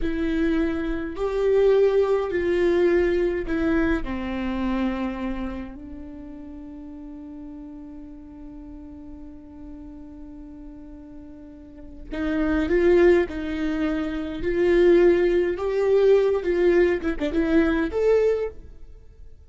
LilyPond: \new Staff \with { instrumentName = "viola" } { \time 4/4 \tempo 4 = 104 e'2 g'2 | f'2 e'4 c'4~ | c'2 d'2~ | d'1~ |
d'1~ | d'4 dis'4 f'4 dis'4~ | dis'4 f'2 g'4~ | g'8 f'4 e'16 d'16 e'4 a'4 | }